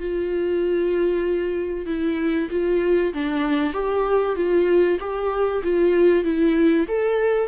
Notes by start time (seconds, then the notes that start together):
0.00 F4
1.87 E4
2.51 F4
3.14 D4
3.74 G4
4.36 F4
5.00 G4
5.64 F4
6.25 E4
6.88 A4